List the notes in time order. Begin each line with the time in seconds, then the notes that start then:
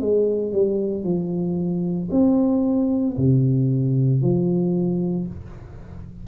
0.00 G#3
0.52 G3
1.04 F3
2.11 C4
3.17 C3
4.22 F3